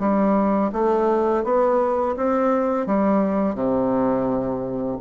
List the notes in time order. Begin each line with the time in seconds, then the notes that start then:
0.00 G3
0.73 A3
1.44 B3
2.17 C4
2.87 G3
3.55 C3